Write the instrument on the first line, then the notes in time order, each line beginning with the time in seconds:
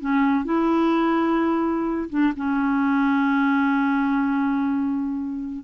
clarinet
0.00 C#4
0.45 E4
2.10 D4
2.36 C#4